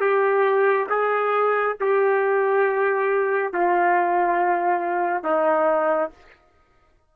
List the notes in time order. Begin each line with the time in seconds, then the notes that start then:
0.00 G4
0.89 G#4
1.80 G4
3.53 F4
5.23 D#4